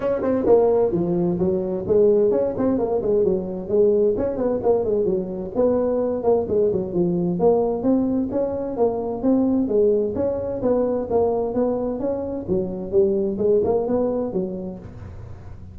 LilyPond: \new Staff \with { instrumentName = "tuba" } { \time 4/4 \tempo 4 = 130 cis'8 c'8 ais4 f4 fis4 | gis4 cis'8 c'8 ais8 gis8 fis4 | gis4 cis'8 b8 ais8 gis8 fis4 | b4. ais8 gis8 fis8 f4 |
ais4 c'4 cis'4 ais4 | c'4 gis4 cis'4 b4 | ais4 b4 cis'4 fis4 | g4 gis8 ais8 b4 fis4 | }